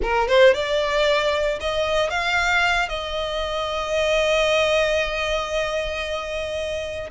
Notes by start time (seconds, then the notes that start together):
0.02 A#4
0.28 C5
0.54 D5
1.60 D#5
2.10 F5
2.88 D#5